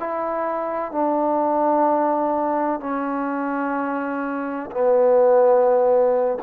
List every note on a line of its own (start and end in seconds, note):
0.00 0.92 E4
0.92 2.81 D4
2.81 4.71 C#4
4.72 6.39 B3